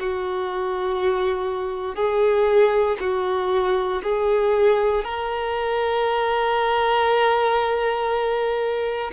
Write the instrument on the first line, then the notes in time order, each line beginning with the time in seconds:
violin
0.00 F#4
1.96 G#4
3.01 F#4
4.04 G#4
5.05 A#4